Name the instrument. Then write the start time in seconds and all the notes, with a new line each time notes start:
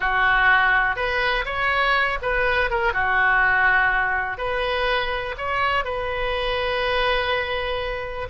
oboe
0.00 F#4
0.96 B4
1.45 C#5
2.22 B4
2.70 A#4
2.93 F#4
4.37 B4
5.37 C#5
5.84 B4